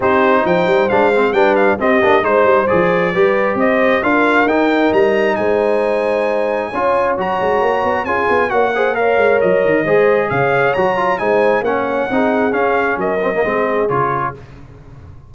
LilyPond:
<<
  \new Staff \with { instrumentName = "trumpet" } { \time 4/4 \tempo 4 = 134 c''4 g''4 f''4 g''8 f''8 | dis''4 c''4 d''2 | dis''4 f''4 g''4 ais''4 | gis''1 |
ais''2 gis''4 fis''4 | f''4 dis''2 f''4 | ais''4 gis''4 fis''2 | f''4 dis''2 cis''4 | }
  \new Staff \with { instrumentName = "horn" } { \time 4/4 g'4 c''2 b'4 | g'4 c''2 b'4 | c''4 ais'2. | c''2. cis''4~ |
cis''2 gis'4 cis''8 c''8 | cis''2 c''4 cis''4~ | cis''4 c''4 cis''4 gis'4~ | gis'4 ais'4 gis'2 | }
  \new Staff \with { instrumentName = "trombone" } { \time 4/4 dis'2 d'8 c'8 d'4 | c'8 d'8 dis'4 gis'4 g'4~ | g'4 f'4 dis'2~ | dis'2. f'4 |
fis'2 f'4 fis'8 gis'8 | ais'2 gis'2 | fis'8 f'8 dis'4 cis'4 dis'4 | cis'4. c'16 ais16 c'4 f'4 | }
  \new Staff \with { instrumentName = "tuba" } { \time 4/4 c'4 f8 g8 gis4 g4 | c'8 ais8 gis8 g8 f4 g4 | c'4 d'4 dis'4 g4 | gis2. cis'4 |
fis8 gis8 ais8 b8 cis'8 b8 ais4~ | ais8 gis8 fis8 dis8 gis4 cis4 | fis4 gis4 ais4 c'4 | cis'4 fis4 gis4 cis4 | }
>>